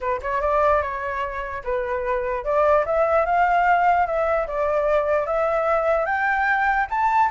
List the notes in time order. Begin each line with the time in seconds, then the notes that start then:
0.00 B4
0.22 C#5
0.41 D5
0.81 C#5
1.63 B4
2.44 D5
2.85 E5
3.25 F5
4.06 E5
4.47 D5
5.26 E5
6.05 G5
6.90 A5